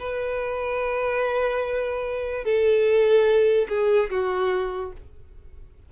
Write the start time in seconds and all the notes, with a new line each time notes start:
0.00 B4
2.45 A4
3.69 G#4
4.11 F#4